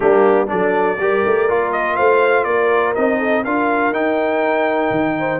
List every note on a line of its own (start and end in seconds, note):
0.00 0.51 G3
0.00 0.47 A#3
0.00 0.50 D4
0.00 0.47 G4
0.47 0.98 F#3
0.47 0.96 D4
0.47 1.00 A4
0.47 1.71 D5
0.98 1.23 G3
0.98 1.48 G4
0.98 1.95 A#4
1.25 1.49 A3
1.48 1.98 A#3
1.48 2.95 F4
1.71 1.96 D#5
1.95 2.45 A3
1.95 2.45 C5
1.95 2.44 F5
2.44 2.94 A#3
2.44 3.18 A#4
2.44 2.93 D5
2.95 3.45 C4
2.95 3.45 D#4
2.95 3.44 D#5
3.18 3.43 A4
3.44 3.91 D4
3.44 3.93 F4
3.44 5.16 A#4
3.44 3.93 F5
3.91 4.89 D#4
3.91 5.40 D#4
3.91 5.40 G5
4.90 5.40 D#3
5.18 5.40 C5